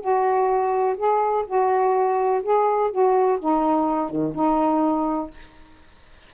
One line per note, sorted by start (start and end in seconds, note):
0.00 0.96 F#4
0.97 1.45 G#4
1.47 2.43 F#4
2.43 2.91 G#4
2.91 3.39 F#4
3.39 4.10 D#4
4.10 4.34 D#3
4.34 5.30 D#4